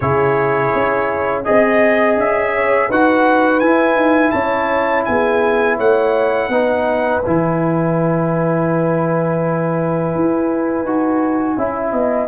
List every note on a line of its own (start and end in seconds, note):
0.00 0.73 C#3
0.00 1.44 E4
0.00 1.45 G#4
0.00 1.42 C#5
0.74 1.46 C#4
1.44 2.16 C4
1.44 2.89 G#4
1.44 2.17 D#5
1.44 2.54 D#5
2.16 2.88 C#4
2.16 2.91 E5
2.54 2.88 C#5
2.88 3.62 D#4
2.88 3.62 F#4
2.88 4.32 B4
2.88 3.59 F#5
3.59 3.95 E4
3.59 6.50 E4
3.59 4.30 G#5
3.95 4.31 D#4
4.30 5.06 C#4
4.30 5.04 C#5
4.30 5.03 A5
5.05 5.79 B3
5.05 5.76 G#4
5.05 5.77 G#5
5.76 6.48 A3
5.76 6.48 C#5
5.76 7.22 F#5
6.48 7.21 B3
6.48 7.23 D#4
6.48 11.56 B4
7.22 10.15 E3
7.22 10.86 E4
7.22 12.28 G#5
10.15 10.83 E4
10.83 11.55 D#4
10.83 11.58 F#4
11.56 11.92 C#4
11.56 12.28 E4
11.56 11.93 E5
11.92 12.28 B3
11.92 12.28 D#5